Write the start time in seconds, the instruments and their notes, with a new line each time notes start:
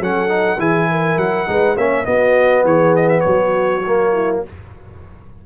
0.00 tuba F#3, trombone C#4, horn A4, trumpet F#5
0.28 trombone D#4
0.59 tuba E3, trombone E4, horn G#4, trumpet G#5
0.91 horn A#4
1.17 tuba F#3, trumpet F#5
1.47 tuba G#3, trombone D#4, horn B4
1.76 tuba A#3, trombone C#4, horn C#5, trumpet E5
2.05 trombone B3, tuba B3, horn F#4, trumpet D#5
2.64 tuba E3, horn G#4, trumpet C#5
2.96 trumpet D#5
3.09 trumpet E5
3.21 tuba F#3, horn F#4, trumpet C#5
3.87 trombone A#3
4.13 horn E4